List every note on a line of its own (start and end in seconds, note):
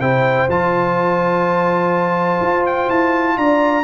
0.00 0.48 C3
0.00 0.50 E4
0.00 3.37 C5
0.00 0.49 G5
0.49 2.41 F3
0.49 3.84 F4
0.49 2.67 A5
2.41 2.89 F4
2.67 2.90 G5
2.90 3.38 E4
2.90 3.38 A5
3.38 3.84 D4
3.38 3.84 D5
3.38 3.84 A#5